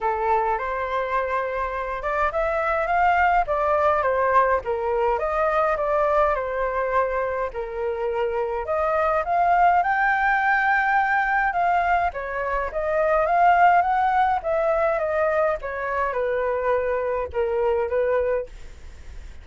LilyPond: \new Staff \with { instrumentName = "flute" } { \time 4/4 \tempo 4 = 104 a'4 c''2~ c''8 d''8 | e''4 f''4 d''4 c''4 | ais'4 dis''4 d''4 c''4~ | c''4 ais'2 dis''4 |
f''4 g''2. | f''4 cis''4 dis''4 f''4 | fis''4 e''4 dis''4 cis''4 | b'2 ais'4 b'4 | }